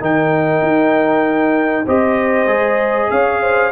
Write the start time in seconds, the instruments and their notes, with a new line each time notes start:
0.00 tuba D#3, trombone D#4, horn A#4, trumpet G5
0.62 tuba D#4
1.85 tuba C4, trombone G4, horn C5, trumpet D#5
2.46 tuba G#3, trombone G#4
3.11 tuba C#4, horn C#5, trumpet F5
3.42 horn C5